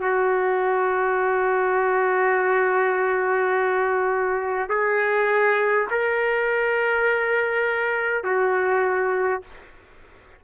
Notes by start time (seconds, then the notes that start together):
0.00 F#4
4.70 G#4
5.91 A#4
8.24 F#4